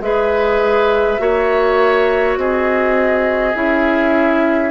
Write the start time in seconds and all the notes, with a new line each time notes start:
0.00 G#3 G#4 B4 E5
1.18 A#3 F#4 C#5
2.37 C4 G#4 D#5
3.54 C#4 E4 E5